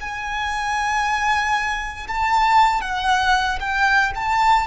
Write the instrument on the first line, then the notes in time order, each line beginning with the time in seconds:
violin
0.00 G#5
2.07 A5
2.81 F#5
3.60 G5
4.15 A5